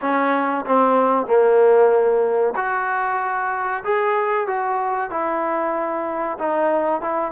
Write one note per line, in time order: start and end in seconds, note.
0.01 0.65 C#4
0.65 1.26 C4
1.26 2.54 A#3
2.56 3.83 F#4
3.84 4.47 G#4
4.47 5.10 F#4
5.10 6.37 E4
6.38 7.01 D#4
7.01 7.31 E4